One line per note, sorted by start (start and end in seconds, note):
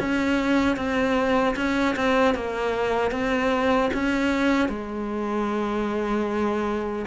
0.00 0.77 C#4
0.77 1.56 C4
1.56 1.96 C#4
1.96 2.35 C4
2.35 3.11 A#3
3.11 3.90 C4
3.94 4.69 C#4
4.69 7.06 G#3